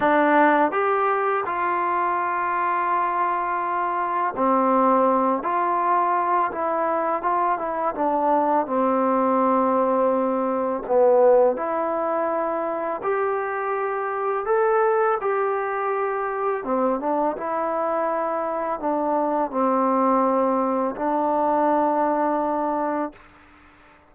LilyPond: \new Staff \with { instrumentName = "trombone" } { \time 4/4 \tempo 4 = 83 d'4 g'4 f'2~ | f'2 c'4. f'8~ | f'4 e'4 f'8 e'8 d'4 | c'2. b4 |
e'2 g'2 | a'4 g'2 c'8 d'8 | e'2 d'4 c'4~ | c'4 d'2. | }